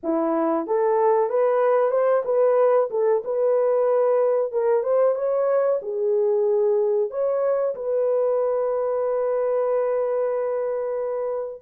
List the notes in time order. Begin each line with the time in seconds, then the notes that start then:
0.03 E4
0.67 A4
1.29 B4
1.90 C5
2.24 B4
2.90 A4
3.24 B4
4.52 A#4
4.83 C5
5.15 C#5
5.82 G#4
7.10 C#5
7.75 B4